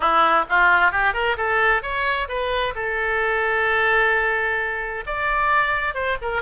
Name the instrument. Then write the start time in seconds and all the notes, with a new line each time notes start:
oboe
0.00 E4
0.49 F4
0.91 G4
1.13 A#4
1.37 A4
1.82 C#5
2.28 B4
2.75 A4
5.06 D5
5.94 C5
6.21 A#4